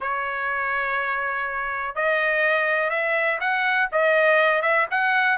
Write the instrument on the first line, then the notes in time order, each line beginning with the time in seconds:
trumpet
0.00 C#5
1.95 D#5
2.90 E5
3.40 F#5
3.92 D#5
4.62 E5
4.90 F#5